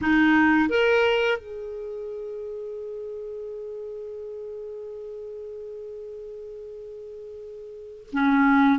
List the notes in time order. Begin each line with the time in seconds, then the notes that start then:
0.01 D#4
0.69 A#4
1.38 G#4
8.12 C#4